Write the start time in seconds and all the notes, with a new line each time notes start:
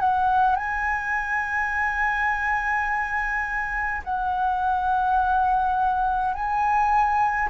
0.00 F#5
0.56 G#5
4.04 F#5
6.34 G#5